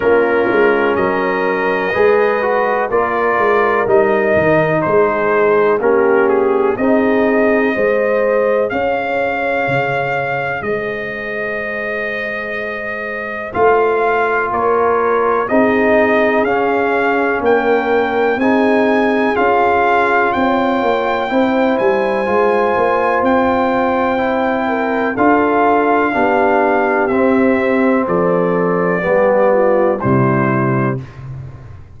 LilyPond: <<
  \new Staff \with { instrumentName = "trumpet" } { \time 4/4 \tempo 4 = 62 ais'4 dis''2 d''4 | dis''4 c''4 ais'8 gis'8 dis''4~ | dis''4 f''2 dis''4~ | dis''2 f''4 cis''4 |
dis''4 f''4 g''4 gis''4 | f''4 g''4. gis''4. | g''2 f''2 | e''4 d''2 c''4 | }
  \new Staff \with { instrumentName = "horn" } { \time 4/4 f'4 ais'4 b'4 ais'4~ | ais'4 gis'4 g'4 gis'4 | c''4 cis''2 c''4~ | c''2. ais'4 |
gis'2 ais'4 gis'4~ | gis'4 cis''4 c''2~ | c''4. ais'8 a'4 g'4~ | g'4 a'4 g'8 f'8 e'4 | }
  \new Staff \with { instrumentName = "trombone" } { \time 4/4 cis'2 gis'8 fis'8 f'4 | dis'2 cis'4 dis'4 | gis'1~ | gis'2 f'2 |
dis'4 cis'2 dis'4 | f'2 e'4 f'4~ | f'4 e'4 f'4 d'4 | c'2 b4 g4 | }
  \new Staff \with { instrumentName = "tuba" } { \time 4/4 ais8 gis8 fis4 gis4 ais8 gis8 | g8 dis8 gis4 ais4 c'4 | gis4 cis'4 cis4 gis4~ | gis2 a4 ais4 |
c'4 cis'4 ais4 c'4 | cis'4 c'8 ais8 c'8 g8 gis8 ais8 | c'2 d'4 b4 | c'4 f4 g4 c4 | }
>>